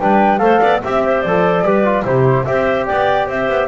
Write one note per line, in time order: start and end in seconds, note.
0.00 0.40 G3
0.00 0.39 D4
0.00 0.42 B4
0.00 0.38 G5
0.38 0.60 A3
0.38 0.80 A4
0.38 0.61 C5
0.38 0.79 F5
0.61 0.83 B3
0.61 0.81 D5
0.84 1.25 C4
0.84 1.26 G4
0.84 1.22 E5
0.84 1.04 E5
1.04 1.65 C5
1.22 1.62 F3
1.22 1.65 A4
1.22 2.04 D5
1.62 2.03 G3
1.62 1.85 G4
1.62 2.05 B4
1.85 2.05 F4
2.05 2.46 C3
2.05 2.46 E4
2.05 2.46 G4
2.05 2.44 C5
2.44 2.90 C4
2.44 3.68 G4
2.44 2.87 C5
2.44 2.86 E5
2.86 3.28 B3
2.86 3.28 D5
2.86 3.27 G5
3.28 3.49 C4
3.28 3.68 C5
3.28 3.68 E5
3.49 3.68 B3